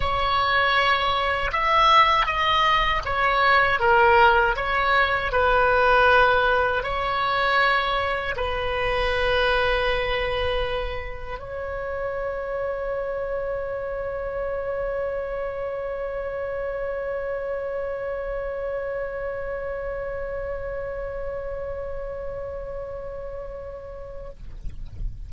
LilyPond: \new Staff \with { instrumentName = "oboe" } { \time 4/4 \tempo 4 = 79 cis''2 e''4 dis''4 | cis''4 ais'4 cis''4 b'4~ | b'4 cis''2 b'4~ | b'2. cis''4~ |
cis''1~ | cis''1~ | cis''1~ | cis''1 | }